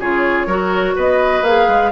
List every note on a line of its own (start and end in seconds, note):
0.00 0.47 C#3
0.00 0.49 F4
0.00 0.47 G#4
0.00 0.97 C#5
0.47 0.95 F#3
0.47 1.45 F#4
0.47 0.95 A#4
0.96 1.42 B3
0.96 1.92 B4
0.96 1.45 D#5
1.42 1.66 A#3
1.42 1.92 G#4
1.42 1.92 F5
1.68 1.92 G#3